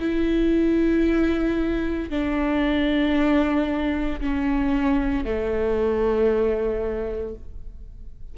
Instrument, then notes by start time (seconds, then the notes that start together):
viola
0.00 E4
2.10 D4
4.21 C#4
5.25 A3